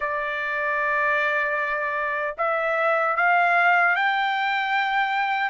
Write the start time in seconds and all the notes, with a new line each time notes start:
0.00 D5
2.37 E5
3.16 F5
3.95 G5